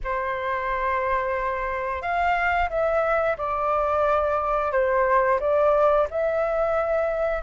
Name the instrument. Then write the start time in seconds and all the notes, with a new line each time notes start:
flute
0.03 C5
2.01 F5
2.69 E5
3.37 D5
4.72 C5
5.40 D5
6.10 E5